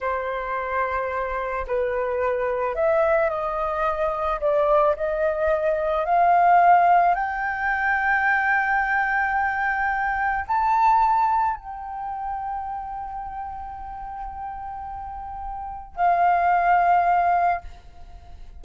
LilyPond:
\new Staff \with { instrumentName = "flute" } { \time 4/4 \tempo 4 = 109 c''2. b'4~ | b'4 e''4 dis''2 | d''4 dis''2 f''4~ | f''4 g''2.~ |
g''2. a''4~ | a''4 g''2.~ | g''1~ | g''4 f''2. | }